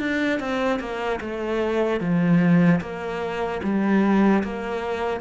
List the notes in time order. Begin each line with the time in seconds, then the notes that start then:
0.00 D4
0.40 C4
0.80 A#3
1.21 A3
2.01 F3
2.81 A#3
3.64 G3
4.44 A#3